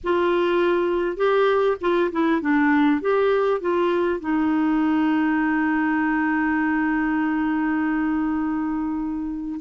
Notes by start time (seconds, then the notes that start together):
0.03 F4
1.16 G4
1.81 F4
2.11 E4
2.41 D4
3.01 G4
3.60 F4
4.20 D#4